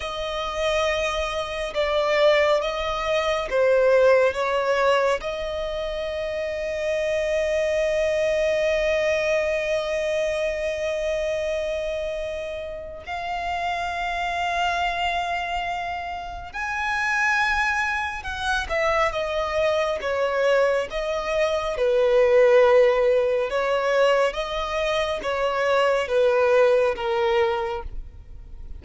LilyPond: \new Staff \with { instrumentName = "violin" } { \time 4/4 \tempo 4 = 69 dis''2 d''4 dis''4 | c''4 cis''4 dis''2~ | dis''1~ | dis''2. f''4~ |
f''2. gis''4~ | gis''4 fis''8 e''8 dis''4 cis''4 | dis''4 b'2 cis''4 | dis''4 cis''4 b'4 ais'4 | }